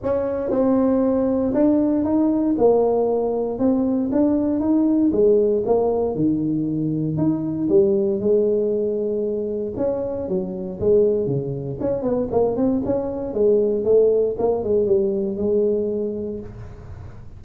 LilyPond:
\new Staff \with { instrumentName = "tuba" } { \time 4/4 \tempo 4 = 117 cis'4 c'2 d'4 | dis'4 ais2 c'4 | d'4 dis'4 gis4 ais4 | dis2 dis'4 g4 |
gis2. cis'4 | fis4 gis4 cis4 cis'8 b8 | ais8 c'8 cis'4 gis4 a4 | ais8 gis8 g4 gis2 | }